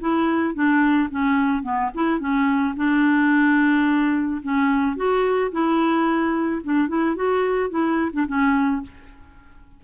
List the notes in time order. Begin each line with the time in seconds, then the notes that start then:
0.00 E4
0.54 D4
1.10 C#4
1.63 B3
1.95 E4
2.20 C#4
2.76 D4
4.43 C#4
4.96 F#4
5.52 E4
6.64 D4
6.89 E4
7.16 F#4
7.70 E4
8.13 D4
8.27 C#4